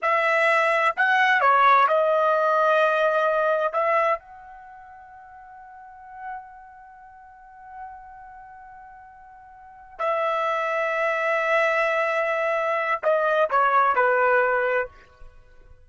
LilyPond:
\new Staff \with { instrumentName = "trumpet" } { \time 4/4 \tempo 4 = 129 e''2 fis''4 cis''4 | dis''1 | e''4 fis''2.~ | fis''1~ |
fis''1~ | fis''4. e''2~ e''8~ | e''1 | dis''4 cis''4 b'2 | }